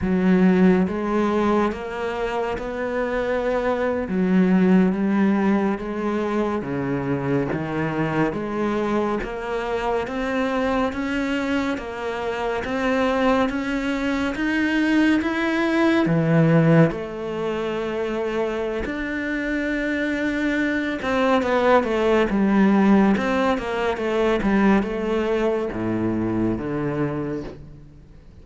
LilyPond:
\new Staff \with { instrumentName = "cello" } { \time 4/4 \tempo 4 = 70 fis4 gis4 ais4 b4~ | b8. fis4 g4 gis4 cis16~ | cis8. dis4 gis4 ais4 c'16~ | c'8. cis'4 ais4 c'4 cis'16~ |
cis'8. dis'4 e'4 e4 a16~ | a2 d'2~ | d'8 c'8 b8 a8 g4 c'8 ais8 | a8 g8 a4 a,4 d4 | }